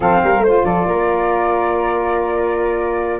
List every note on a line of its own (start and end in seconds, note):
0.00 0.19 F3
0.00 0.43 C4
0.00 0.21 A4
0.00 0.43 F5
0.23 0.39 G3
0.23 0.44 A#4
0.39 0.60 A3
0.39 0.64 C5
0.39 0.65 C5
0.46 3.19 F4
0.63 0.85 F3
0.63 0.86 A4
0.63 3.19 D5
0.85 3.19 A#3
0.85 3.19 A#4